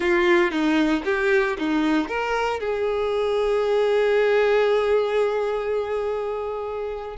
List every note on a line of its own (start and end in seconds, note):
0.00 0.51 F4
0.51 1.03 D#4
1.05 1.57 G4
1.58 2.08 D#4
2.08 2.60 A#4
2.60 7.16 G#4